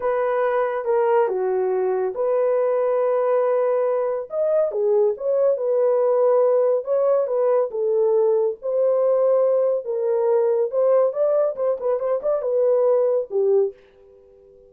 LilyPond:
\new Staff \with { instrumentName = "horn" } { \time 4/4 \tempo 4 = 140 b'2 ais'4 fis'4~ | fis'4 b'2.~ | b'2 dis''4 gis'4 | cis''4 b'2. |
cis''4 b'4 a'2 | c''2. ais'4~ | ais'4 c''4 d''4 c''8 b'8 | c''8 d''8 b'2 g'4 | }